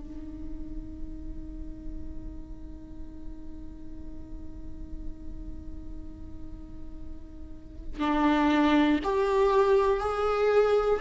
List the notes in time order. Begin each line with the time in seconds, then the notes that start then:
0.00 D#4
8.00 D4
9.03 G4
10.00 G#4